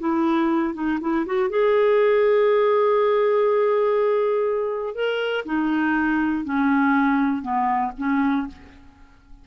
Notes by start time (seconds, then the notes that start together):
0.00 E4
0.75 D#4
1.01 E4
1.26 F#4
1.50 G#4
4.95 A#4
5.46 D#4
6.45 C#4
7.42 B3
7.98 C#4